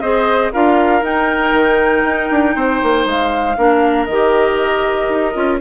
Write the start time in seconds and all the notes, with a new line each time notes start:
0.00 C4 G#4 C5 D#5
0.52 D4 F4 A#4 F5
1.01 D#4 G5
1.52 D#3
2.03 D#4
2.30 D4
2.55 C4 C5
2.83 A#3
3.05 G#3 F5
3.57 A#3 D4 A#4
4.05 D#3 D#5
4.11 G4
5.08 D#4
5.33 C#4 F4